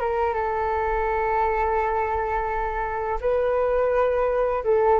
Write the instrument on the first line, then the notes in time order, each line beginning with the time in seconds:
flute
0.00 A#4
0.33 A4
3.20 B4
4.64 A4